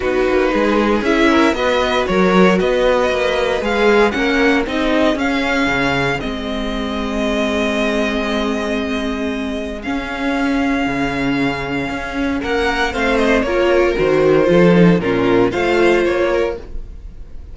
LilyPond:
<<
  \new Staff \with { instrumentName = "violin" } { \time 4/4 \tempo 4 = 116 b'2 e''4 dis''4 | cis''4 dis''2 f''4 | fis''4 dis''4 f''2 | dis''1~ |
dis''2. f''4~ | f''1 | fis''4 f''8 dis''8 cis''4 c''4~ | c''4 ais'4 f''4 cis''4 | }
  \new Staff \with { instrumentName = "violin" } { \time 4/4 fis'4 gis'4. ais'8 b'4 | ais'4 b'2. | ais'4 gis'2.~ | gis'1~ |
gis'1~ | gis'1 | ais'4 c''4 ais'2 | a'4 f'4 c''4. ais'8 | }
  \new Staff \with { instrumentName = "viola" } { \time 4/4 dis'2 e'4 fis'4~ | fis'2. gis'4 | cis'4 dis'4 cis'2 | c'1~ |
c'2. cis'4~ | cis'1~ | cis'4 c'4 f'4 fis'4 | f'8 dis'8 cis'4 f'2 | }
  \new Staff \with { instrumentName = "cello" } { \time 4/4 b8 ais8 gis4 cis'4 b4 | fis4 b4 ais4 gis4 | ais4 c'4 cis'4 cis4 | gis1~ |
gis2. cis'4~ | cis'4 cis2 cis'4 | ais4 a4 ais4 dis4 | f4 ais,4 a4 ais4 | }
>>